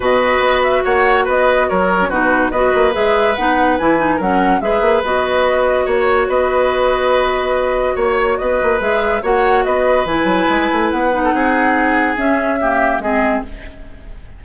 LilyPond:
<<
  \new Staff \with { instrumentName = "flute" } { \time 4/4 \tempo 4 = 143 dis''4. e''8 fis''4 dis''4 | cis''4 b'4 dis''4 e''4 | fis''4 gis''4 fis''4 e''4 | dis''2 cis''4 dis''4~ |
dis''2. cis''4 | dis''4 e''4 fis''4 dis''4 | gis''2 fis''2~ | fis''4 e''2 dis''4 | }
  \new Staff \with { instrumentName = "oboe" } { \time 4/4 b'2 cis''4 b'4 | ais'4 fis'4 b'2~ | b'2 ais'4 b'4~ | b'2 cis''4 b'4~ |
b'2. cis''4 | b'2 cis''4 b'4~ | b'2~ b'8. a'16 gis'4~ | gis'2 g'4 gis'4 | }
  \new Staff \with { instrumentName = "clarinet" } { \time 4/4 fis'1~ | fis'8. cis'16 dis'4 fis'4 gis'4 | dis'4 e'8 dis'8 cis'4 gis'4 | fis'1~ |
fis'1~ | fis'4 gis'4 fis'2 | e'2~ e'8 dis'4.~ | dis'4 cis'4 ais4 c'4 | }
  \new Staff \with { instrumentName = "bassoon" } { \time 4/4 b,4 b4 ais4 b4 | fis4 b,4 b8 ais8 gis4 | b4 e4 fis4 gis8 ais8 | b2 ais4 b4~ |
b2. ais4 | b8 ais8 gis4 ais4 b4 | e8 fis8 gis8 a8 b4 c'4~ | c'4 cis'2 gis4 | }
>>